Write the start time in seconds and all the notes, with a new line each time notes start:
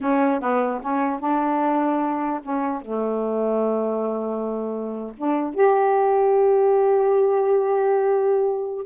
0.00 C#4
0.40 B3
0.81 C#4
1.19 D4
2.42 C#4
2.81 A3
5.17 D4
5.54 G4